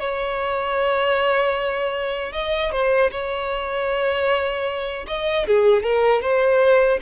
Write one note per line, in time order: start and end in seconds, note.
0.00 2.33 C#5
2.33 2.72 D#5
2.72 3.11 C5
3.12 5.06 C#5
5.08 5.47 D#5
5.48 5.83 G#4
5.83 6.22 A#4
6.22 7.00 C5